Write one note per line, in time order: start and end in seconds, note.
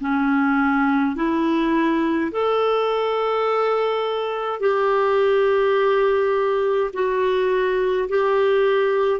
0.00 1.15 C#4
1.15 2.31 E4
2.31 4.60 A4
4.60 6.91 G4
6.93 8.08 F#4
8.09 9.20 G4